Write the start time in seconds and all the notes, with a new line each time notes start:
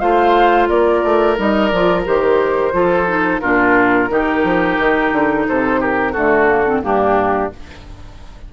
0.00 A3 F4 C5 F5
0.69 A#3 A#4 D5
1.04 A3
1.37 G3 D#4 D#5
1.67 F3 F4 D5
2.05 D#3 G4 C5
2.73 F3 F4 A4
3.08 D#4
3.40 A#2 D4 F4 A#4
4.10 D#3 D#4 G4
4.44 F3
4.79 D#3
5.12 D3
5.48 C3 A4 C5
5.81 G4 A#4
6.13 D3 A3 F#4 A4
6.48 A#3
6.66 C4
6.82 G2 A#3 D4 G4